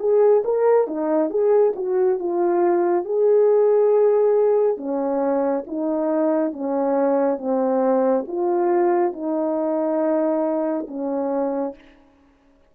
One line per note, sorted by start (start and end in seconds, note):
0.00 0.43 G#4
0.45 0.88 A#4
0.88 1.30 D#4
1.30 1.74 G#4
1.76 2.19 F#4
2.19 3.06 F4
3.06 4.78 G#4
4.78 5.65 C#4
5.67 6.53 D#4
6.53 7.39 C#4
7.39 8.26 C4
8.28 9.13 F4
9.13 10.87 D#4
10.88 11.75 C#4